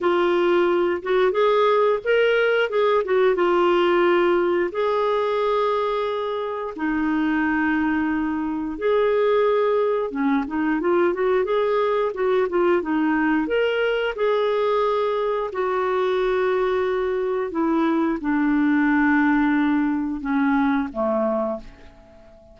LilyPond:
\new Staff \with { instrumentName = "clarinet" } { \time 4/4 \tempo 4 = 89 f'4. fis'8 gis'4 ais'4 | gis'8 fis'8 f'2 gis'4~ | gis'2 dis'2~ | dis'4 gis'2 cis'8 dis'8 |
f'8 fis'8 gis'4 fis'8 f'8 dis'4 | ais'4 gis'2 fis'4~ | fis'2 e'4 d'4~ | d'2 cis'4 a4 | }